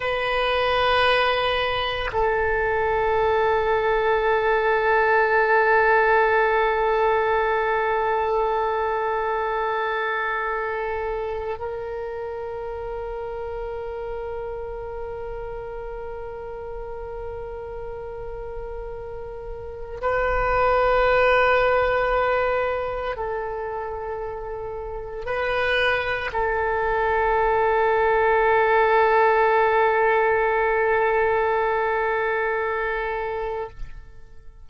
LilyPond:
\new Staff \with { instrumentName = "oboe" } { \time 4/4 \tempo 4 = 57 b'2 a'2~ | a'1~ | a'2. ais'4~ | ais'1~ |
ais'2. b'4~ | b'2 a'2 | b'4 a'2.~ | a'1 | }